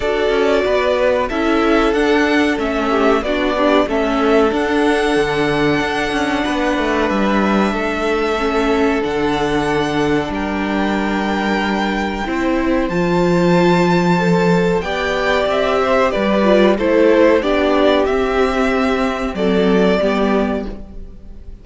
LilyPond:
<<
  \new Staff \with { instrumentName = "violin" } { \time 4/4 \tempo 4 = 93 d''2 e''4 fis''4 | e''4 d''4 e''4 fis''4~ | fis''2. e''4~ | e''2 fis''2 |
g''1 | a''2. g''4 | e''4 d''4 c''4 d''4 | e''2 d''2 | }
  \new Staff \with { instrumentName = "violin" } { \time 4/4 a'4 b'4 a'2~ | a'8 g'8 fis'8 d'8 a'2~ | a'2 b'2 | a'1 |
ais'2. c''4~ | c''2. d''4~ | d''8 c''8 b'4 a'4 g'4~ | g'2 a'4 g'4 | }
  \new Staff \with { instrumentName = "viola" } { \time 4/4 fis'2 e'4 d'4 | cis'4 d'8 g'8 cis'4 d'4~ | d'1~ | d'4 cis'4 d'2~ |
d'2. e'4 | f'2 a'4 g'4~ | g'4. f'8 e'4 d'4 | c'2. b4 | }
  \new Staff \with { instrumentName = "cello" } { \time 4/4 d'8 cis'8 b4 cis'4 d'4 | a4 b4 a4 d'4 | d4 d'8 cis'8 b8 a8 g4 | a2 d2 |
g2. c'4 | f2. b4 | c'4 g4 a4 b4 | c'2 fis4 g4 | }
>>